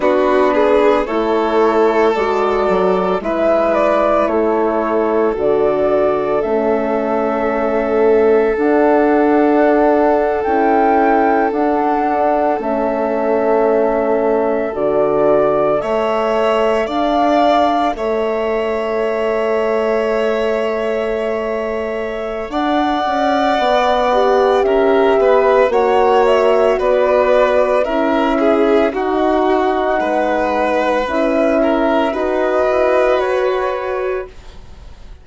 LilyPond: <<
  \new Staff \with { instrumentName = "flute" } { \time 4/4 \tempo 4 = 56 b'4 cis''4 d''4 e''8 d''8 | cis''4 d''4 e''2 | fis''4.~ fis''16 g''4 fis''4 e''16~ | e''4.~ e''16 d''4 e''4 f''16~ |
f''8. e''2.~ e''16~ | e''4 fis''2 e''4 | fis''8 e''8 d''4 e''4 fis''4~ | fis''4 e''4 dis''4 cis''4 | }
  \new Staff \with { instrumentName = "violin" } { \time 4/4 fis'8 gis'8 a'2 b'4 | a'1~ | a'1~ | a'2~ a'8. cis''4 d''16~ |
d''8. cis''2.~ cis''16~ | cis''4 d''2 ais'8 b'8 | cis''4 b'4 ais'8 gis'8 fis'4 | b'4. ais'8 b'2 | }
  \new Staff \with { instrumentName = "horn" } { \time 4/4 d'4 e'4 fis'4 e'4~ | e'4 fis'4 cis'2 | d'4.~ d'16 e'4 d'4 cis'16~ | cis'4.~ cis'16 fis'4 a'4~ a'16~ |
a'1~ | a'2~ a'8 g'4. | fis'2 e'4 dis'4~ | dis'4 e'4 fis'2 | }
  \new Staff \with { instrumentName = "bassoon" } { \time 4/4 b4 a4 gis8 fis8 gis4 | a4 d4 a2 | d'4.~ d'16 cis'4 d'4 a16~ | a4.~ a16 d4 a4 d'16~ |
d'8. a2.~ a16~ | a4 d'8 cis'8 b4 cis'8 b8 | ais4 b4 cis'4 dis'4 | gis4 cis'4 dis'8 e'8 fis'4 | }
>>